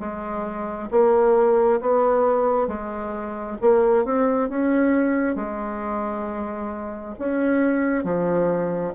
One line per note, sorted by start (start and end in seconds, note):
0.00 0.90 G#3
0.91 1.81 A#3
1.81 2.68 B3
2.68 3.57 G#3
3.61 4.05 A#3
4.05 4.49 C4
4.49 5.36 C#4
5.36 7.15 G#3
7.19 8.04 C#4
8.04 8.94 F3